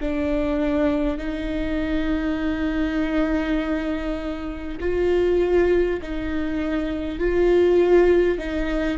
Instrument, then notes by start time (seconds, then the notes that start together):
viola
0.00 D4
1.18 D#4
4.80 F4
6.02 D#4
7.19 F4
8.38 D#4